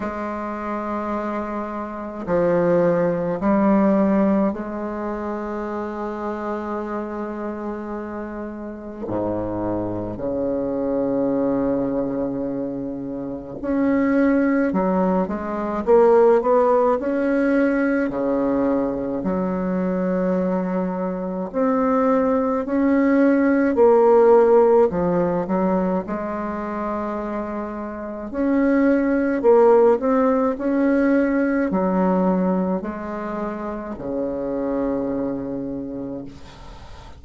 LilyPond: \new Staff \with { instrumentName = "bassoon" } { \time 4/4 \tempo 4 = 53 gis2 f4 g4 | gis1 | gis,4 cis2. | cis'4 fis8 gis8 ais8 b8 cis'4 |
cis4 fis2 c'4 | cis'4 ais4 f8 fis8 gis4~ | gis4 cis'4 ais8 c'8 cis'4 | fis4 gis4 cis2 | }